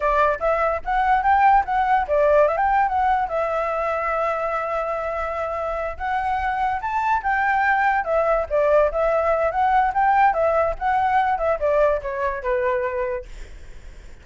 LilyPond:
\new Staff \with { instrumentName = "flute" } { \time 4/4 \tempo 4 = 145 d''4 e''4 fis''4 g''4 | fis''4 d''4 e''16 g''8. fis''4 | e''1~ | e''2~ e''8 fis''4.~ |
fis''8 a''4 g''2 e''8~ | e''8 d''4 e''4. fis''4 | g''4 e''4 fis''4. e''8 | d''4 cis''4 b'2 | }